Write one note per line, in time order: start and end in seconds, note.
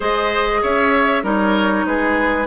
0.00 0.62 G#3
0.00 1.22 G#4
0.00 0.61 C5
0.00 0.63 D#5
0.62 1.23 C#4
0.62 1.23 C#5
0.62 1.24 E5
1.22 1.85 G3
1.22 2.46 D#4
1.22 1.85 A#4
1.22 1.86 C#5
1.85 2.46 G#3
1.85 2.46 G#4
1.85 2.46 B4